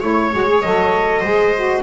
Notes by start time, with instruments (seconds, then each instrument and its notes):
0.00 double bass A3, saxophone E4, viola C#5, trumpet C#5
0.33 double bass G#3, saxophone F#4
0.47 saxophone G#4
0.61 double bass F#3, saxophone A4, trumpet D#5
1.20 double bass G#3, saxophone G#4, viola C5
1.56 saxophone F#4